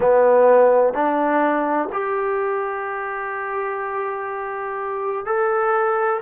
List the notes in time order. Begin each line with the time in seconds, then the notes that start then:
0.00 B3
0.93 D4
1.92 G4
5.25 A4